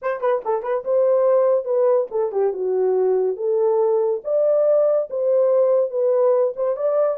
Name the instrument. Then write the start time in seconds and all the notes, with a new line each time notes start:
horn
0.01 C5
0.21 B4
0.44 A4
0.62 B4
0.84 C5
1.64 B4
2.10 A4
2.32 G4
2.53 F#4
3.36 A4
4.24 D5
5.10 C5
5.90 B4
6.56 C5
6.76 D5